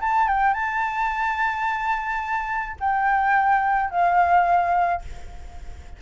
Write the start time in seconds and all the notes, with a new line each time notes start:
0.00 A5
0.28 G5
0.54 A5
2.80 G5
3.90 F5